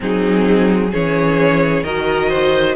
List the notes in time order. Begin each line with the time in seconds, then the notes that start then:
0.00 F#3 C4 D#4 G#4
0.90 E3 C#4 G#4 C#5
1.82 D#3 F#4 A#4 D#5
2.28 C5